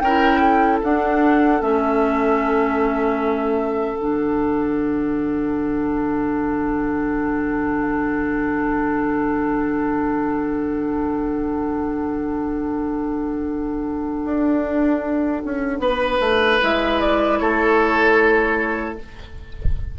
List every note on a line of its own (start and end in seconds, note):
0.00 0.80 C#4
0.00 0.41 A#4
0.00 0.79 G5
0.06 0.83 E4
0.41 15.80 A4
0.83 1.60 D4
0.83 1.61 D4
0.83 1.62 F#5
1.60 3.98 A3
1.60 3.97 C#4
1.60 3.97 E5
3.97 14.24 D3
3.97 16.62 D4
3.97 16.60 F#5
14.24 15.43 D4
15.45 15.79 C#4
15.79 16.19 B3
15.79 17.39 B4
16.20 16.59 A3
16.62 17.40 G#3
16.62 18.98 E4
16.62 17.00 E5
17.00 17.39 D5
17.39 18.98 A3
17.39 18.99 A4
17.39 18.97 C#5